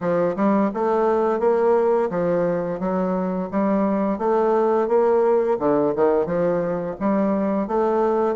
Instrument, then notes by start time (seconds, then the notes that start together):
bassoon
0.00 F3
0.36 G3
0.73 A3
1.39 A#3
2.10 F3
2.79 F#3
3.51 G3
4.18 A3
4.87 A#3
5.59 D3
5.95 D#3
6.25 F3
7.00 G3
7.67 A3